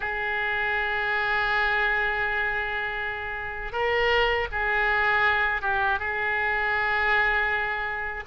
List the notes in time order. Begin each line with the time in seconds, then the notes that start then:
0.00 G#4
3.72 A#4
4.51 G#4
5.61 G4
5.99 G#4